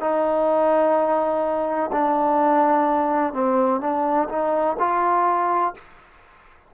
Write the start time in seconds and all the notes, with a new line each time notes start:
0.00 D#4
1.92 D4
3.34 C4
3.81 D4
4.29 D#4
4.79 F4